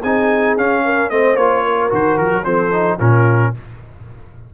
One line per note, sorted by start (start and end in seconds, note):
0.00 0.57 C4
0.00 0.58 D#4
0.00 0.81 G#4
0.00 0.57 G#5
0.57 1.10 C#4
0.57 1.11 C#4
0.57 1.10 F5
0.85 1.11 A#4
1.10 1.36 A3
1.10 1.38 C4
1.10 1.64 C5
1.10 1.36 D#5
1.36 1.90 A#3
1.36 1.90 F4
1.36 1.90 C#5
1.64 2.44 A#4
1.90 2.19 D#3
1.90 2.44 F#4
1.90 2.17 C5
2.17 2.32 F3
2.17 2.44 A#4
2.32 2.45 F#3
2.44 2.99 F3
2.44 2.72 C4
2.44 2.98 A4
2.44 2.98 C5
2.72 2.99 D#4
2.98 3.54 A#2
2.98 3.54 C#4
2.98 3.52 F4
2.98 3.54 A#4